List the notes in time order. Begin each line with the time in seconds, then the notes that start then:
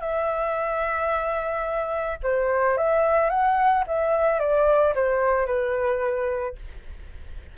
0.00 E5
2.23 C5
2.77 E5
3.30 F#5
3.87 E5
4.39 D5
4.95 C5
5.46 B4